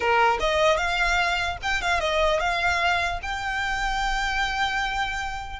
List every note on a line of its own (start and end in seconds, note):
0.00 0.38 A#4
0.40 0.77 D#5
0.77 1.57 F5
1.62 1.81 G5
1.81 1.99 F5
1.99 2.39 D#5
2.40 3.20 F5
3.22 5.59 G5